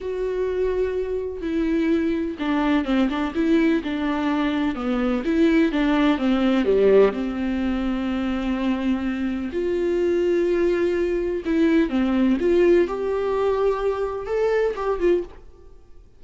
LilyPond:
\new Staff \with { instrumentName = "viola" } { \time 4/4 \tempo 4 = 126 fis'2. e'4~ | e'4 d'4 c'8 d'8 e'4 | d'2 b4 e'4 | d'4 c'4 g4 c'4~ |
c'1 | f'1 | e'4 c'4 f'4 g'4~ | g'2 a'4 g'8 f'8 | }